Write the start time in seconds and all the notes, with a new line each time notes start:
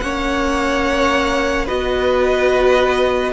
0.00 A#3 C#4 C#5 F#5
1.65 B3 F#4 B4 D#5